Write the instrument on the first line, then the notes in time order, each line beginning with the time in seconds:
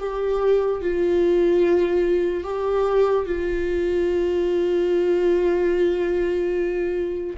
viola
0.00 G4
0.82 F4
2.44 G4
3.26 F4